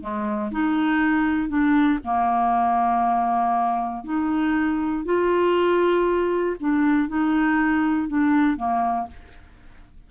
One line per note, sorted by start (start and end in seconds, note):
0.00 0.50 G#3
0.51 1.49 D#4
1.49 1.99 D4
2.04 4.04 A#3
4.04 5.05 D#4
5.05 6.56 F4
6.60 7.08 D4
7.08 8.08 D#4
8.08 8.56 D4
8.56 9.07 A#3